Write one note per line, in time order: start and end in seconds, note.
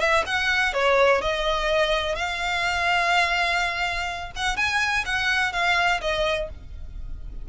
0.00 0.24 E5
0.26 0.74 F#5
0.74 1.22 C#5
1.22 2.15 D#5
2.15 4.31 F5
4.36 4.56 F#5
4.56 5.04 G#5
5.06 5.52 F#5
5.52 6.00 F5
6.01 6.49 D#5